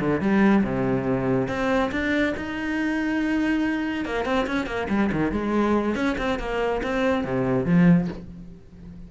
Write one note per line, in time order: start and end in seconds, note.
0.00 0.21 D3
0.21 0.63 G3
0.63 1.48 C3
1.48 1.91 C4
1.91 2.34 D4
2.37 4.05 D#4
4.05 4.25 A#3
4.25 4.46 C4
4.47 4.66 C#4
4.66 4.88 A#3
4.89 5.10 G3
5.12 5.32 D#3
5.32 5.95 G#3
5.95 6.16 C#4
6.18 6.39 C4
6.39 6.82 A#3
6.83 7.24 C4
7.24 7.66 C3
7.66 8.08 F3